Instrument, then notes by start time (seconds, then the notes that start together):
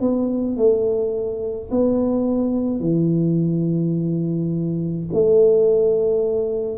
tuba
0.00 B3
0.57 A3
1.70 B3
2.80 E3
5.13 A3